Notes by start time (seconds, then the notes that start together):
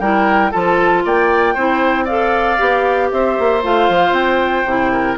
0.00 G3 E4 A#4 G5
0.51 F3 F4 A4 A5
1.05 A#3 D5 G5
1.54 C4 E4 C5
2.05 A4 D5 F5
2.58 B3 G4
3.11 C4 C5 E5
3.39 A#3
3.63 A3 F4 F5
3.89 F3
4.12 C4 G5
4.65 C3 E4
4.92 A#4